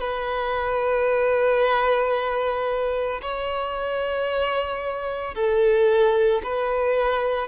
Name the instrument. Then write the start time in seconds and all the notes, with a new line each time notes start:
violin
0.00 B4
3.21 C#5
5.35 A4
6.43 B4